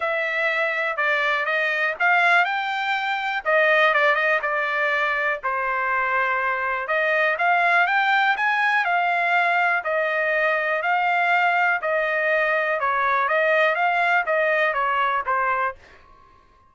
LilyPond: \new Staff \with { instrumentName = "trumpet" } { \time 4/4 \tempo 4 = 122 e''2 d''4 dis''4 | f''4 g''2 dis''4 | d''8 dis''8 d''2 c''4~ | c''2 dis''4 f''4 |
g''4 gis''4 f''2 | dis''2 f''2 | dis''2 cis''4 dis''4 | f''4 dis''4 cis''4 c''4 | }